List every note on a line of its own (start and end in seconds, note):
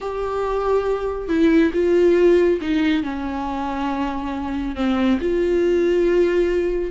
0.00 1.28 G4
1.28 1.71 E4
1.73 2.60 F4
2.61 3.03 D#4
3.03 4.75 C#4
4.75 5.18 C4
5.20 6.91 F4